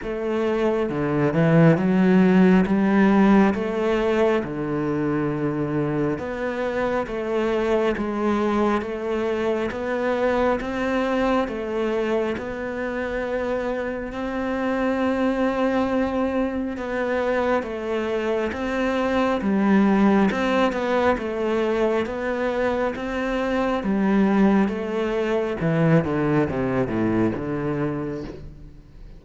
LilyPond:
\new Staff \with { instrumentName = "cello" } { \time 4/4 \tempo 4 = 68 a4 d8 e8 fis4 g4 | a4 d2 b4 | a4 gis4 a4 b4 | c'4 a4 b2 |
c'2. b4 | a4 c'4 g4 c'8 b8 | a4 b4 c'4 g4 | a4 e8 d8 c8 a,8 d4 | }